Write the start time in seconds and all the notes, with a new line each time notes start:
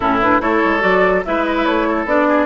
0.00 A2 C#4 E4 A4
0.21 D4 B4
0.40 A3 E4 A4 C#5
0.65 G#3
0.80 F#3 F#4 D5
1.25 G#3 E4 B4 E5
1.45 D#5
1.56 E5
1.65 A3 C#5
1.88 A4
2.05 B3 D4 D5
2.28 G#4